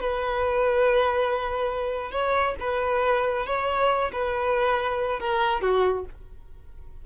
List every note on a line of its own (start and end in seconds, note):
0.00 2.11 B4
2.11 2.55 C#5
2.60 3.46 B4
3.46 4.11 C#5
4.12 5.20 B4
5.20 5.62 A#4
5.62 6.05 F#4